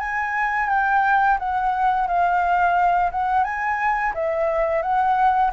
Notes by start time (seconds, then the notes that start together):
0.00 G#5
0.69 G5
1.39 F#5
2.07 F5
3.12 F#5
3.44 G#5
4.14 E5
4.82 F#5